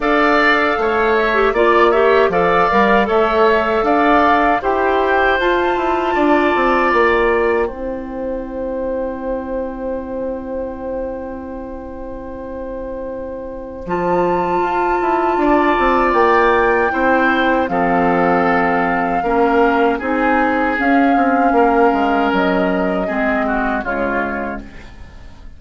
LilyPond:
<<
  \new Staff \with { instrumentName = "flute" } { \time 4/4 \tempo 4 = 78 f''4. e''8 d''8 e''8 f''4 | e''4 f''4 g''4 a''4~ | a''4 g''2.~ | g''1~ |
g''2 a''2~ | a''4 g''2 f''4~ | f''2 gis''4 f''4~ | f''4 dis''2 cis''4 | }
  \new Staff \with { instrumentName = "oboe" } { \time 4/4 d''4 cis''4 d''8 cis''8 d''4 | cis''4 d''4 c''2 | d''2 c''2~ | c''1~ |
c''1 | d''2 c''4 a'4~ | a'4 ais'4 gis'2 | ais'2 gis'8 fis'8 f'4 | }
  \new Staff \with { instrumentName = "clarinet" } { \time 4/4 a'4.~ a'16 g'16 f'8 g'8 a'8 ais'8 | a'2 g'4 f'4~ | f'2 e'2~ | e'1~ |
e'2 f'2~ | f'2 e'4 c'4~ | c'4 cis'4 dis'4 cis'4~ | cis'2 c'4 gis4 | }
  \new Staff \with { instrumentName = "bassoon" } { \time 4/4 d'4 a4 ais4 f8 g8 | a4 d'4 e'4 f'8 e'8 | d'8 c'8 ais4 c'2~ | c'1~ |
c'2 f4 f'8 e'8 | d'8 c'8 ais4 c'4 f4~ | f4 ais4 c'4 cis'8 c'8 | ais8 gis8 fis4 gis4 cis4 | }
>>